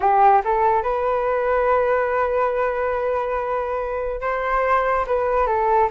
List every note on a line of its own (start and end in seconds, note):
0.00 0.42 G4
0.44 0.82 A4
0.82 4.20 B4
4.21 5.05 C5
5.06 5.47 B4
5.47 5.89 A4